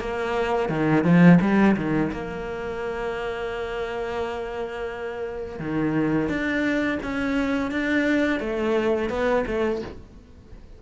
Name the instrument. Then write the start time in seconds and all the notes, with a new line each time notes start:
cello
0.00 A#3
0.69 D#3
1.04 F3
1.41 G3
1.76 D#3
2.12 A#3
5.59 D#3
6.28 D4
7.02 C#4
7.71 D4
8.40 A3
9.09 B3
9.47 A3